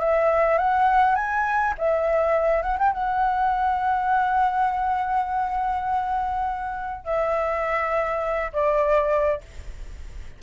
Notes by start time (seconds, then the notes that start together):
0.00 E5
0.59 F#5
1.16 G#5
1.79 E5
2.63 F#5
2.79 G5
2.93 F#5
7.05 E5
8.53 D5